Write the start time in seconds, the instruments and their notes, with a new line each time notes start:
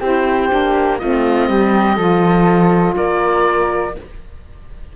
0.00 cello C4, saxophone E4, flute G4, oboe C5
0.49 cello A#3, saxophone D4
0.98 cello A3, saxophone C4, flute F4, oboe D#5
1.49 cello G3, flute G4
1.97 cello F3, saxophone F4, flute A4
2.96 cello A#3, flute A#4, oboe D5